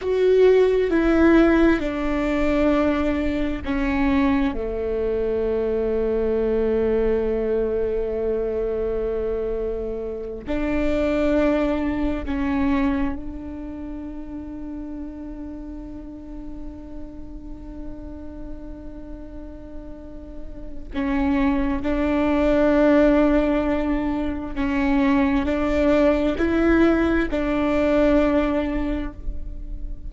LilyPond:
\new Staff \with { instrumentName = "viola" } { \time 4/4 \tempo 4 = 66 fis'4 e'4 d'2 | cis'4 a2.~ | a2.~ a8 d'8~ | d'4. cis'4 d'4.~ |
d'1~ | d'2. cis'4 | d'2. cis'4 | d'4 e'4 d'2 | }